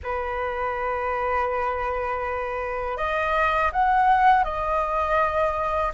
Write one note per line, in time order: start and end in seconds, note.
0.03 2.97 B4
2.97 3.71 D#5
3.72 4.43 F#5
4.43 5.92 D#5